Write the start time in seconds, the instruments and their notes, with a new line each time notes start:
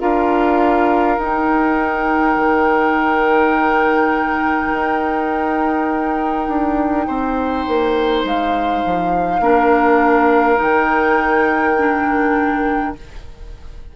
0.00 bassoon D4, clarinet F4, oboe A#4, flute F5
1.18 bassoon D#4, clarinet D#4, flute G5
2.37 bassoon D#3
4.73 bassoon D#4
6.49 bassoon D4
7.08 bassoon C4, oboe C5
7.68 bassoon A#3
8.25 bassoon G#3, flute F5
8.86 bassoon F3
9.40 bassoon A#3, clarinet D4, oboe A#4
10.57 bassoon D#3, clarinet D#4, flute G5
11.79 clarinet D4